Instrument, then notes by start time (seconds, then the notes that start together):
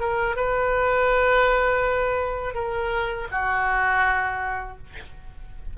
oboe
0.00 A#4
0.36 B4
2.55 A#4
3.31 F#4